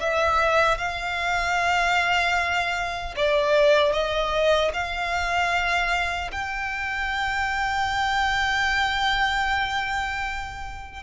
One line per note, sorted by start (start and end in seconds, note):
0.00 0.78 E5
0.78 3.15 F5
3.17 3.93 D5
3.93 4.72 D#5
4.73 6.31 F5
6.32 11.03 G5